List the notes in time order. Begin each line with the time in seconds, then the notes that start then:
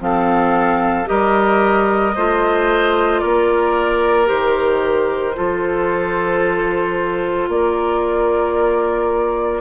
0.00 F3 C4 A4 F5
1.06 G3 G4 A#4 D#5
2.16 A3 F4 C5
3.19 A#3 A#4 D5
4.25 D#3 G4 C5
5.35 F3 F4 A4
7.49 A#3 A#4 D5